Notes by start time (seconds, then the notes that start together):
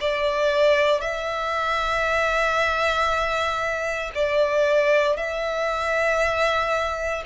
0.00 D5
1.01 E5
4.15 D5
5.17 E5